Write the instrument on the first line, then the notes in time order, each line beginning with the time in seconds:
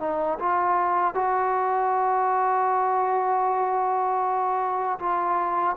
trombone
0.00 D#4
0.40 F4
1.15 F#4
4.99 F4